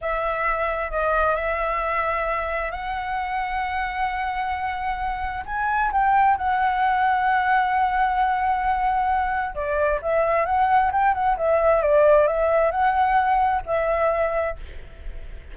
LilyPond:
\new Staff \with { instrumentName = "flute" } { \time 4/4 \tempo 4 = 132 e''2 dis''4 e''4~ | e''2 fis''2~ | fis''1 | gis''4 g''4 fis''2~ |
fis''1~ | fis''4 d''4 e''4 fis''4 | g''8 fis''8 e''4 d''4 e''4 | fis''2 e''2 | }